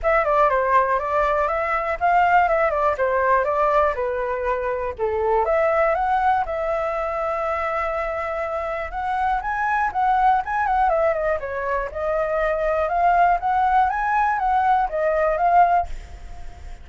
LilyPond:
\new Staff \with { instrumentName = "flute" } { \time 4/4 \tempo 4 = 121 e''8 d''8 c''4 d''4 e''4 | f''4 e''8 d''8 c''4 d''4 | b'2 a'4 e''4 | fis''4 e''2.~ |
e''2 fis''4 gis''4 | fis''4 gis''8 fis''8 e''8 dis''8 cis''4 | dis''2 f''4 fis''4 | gis''4 fis''4 dis''4 f''4 | }